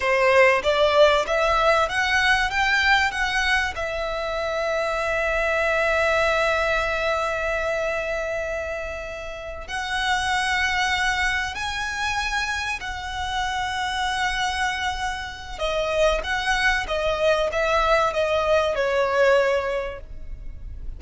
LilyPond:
\new Staff \with { instrumentName = "violin" } { \time 4/4 \tempo 4 = 96 c''4 d''4 e''4 fis''4 | g''4 fis''4 e''2~ | e''1~ | e''2.~ e''8 fis''8~ |
fis''2~ fis''8 gis''4.~ | gis''8 fis''2.~ fis''8~ | fis''4 dis''4 fis''4 dis''4 | e''4 dis''4 cis''2 | }